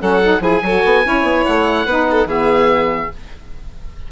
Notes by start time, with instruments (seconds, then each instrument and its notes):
0.00 bassoon F#3, saxophone C#4, violin A4, oboe F#5
0.22 saxophone D#4
0.40 bassoon F3, saxophone E4, violin G#4, oboe G#5
0.62 bassoon F#3, saxophone F#4, violin A4
0.84 bassoon B3
1.03 bassoon C#4, saxophone E4, violin C#5
1.22 bassoon B3
1.45 bassoon A3, oboe F#5
1.85 bassoon B3, saxophone D#4, violin B4
2.10 violin A4
2.25 bassoon E3, saxophone B3, violin G#4, oboe E5